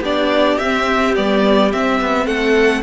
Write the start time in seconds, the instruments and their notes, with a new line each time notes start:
0.00 cello B3, viola D4, violin G4 D5
0.59 cello C4, viola C4, violin E5
1.15 cello G3, viola B3, violin D5
1.72 viola C4, cello C4, violin E5
2.01 cello B3
2.26 cello A3, violin A4 F#5